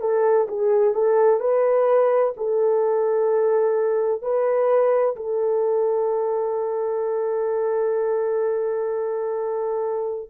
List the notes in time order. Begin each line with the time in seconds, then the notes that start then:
0.00 A4
0.48 G#4
0.94 A4
1.40 B4
2.37 A4
4.22 B4
5.16 A4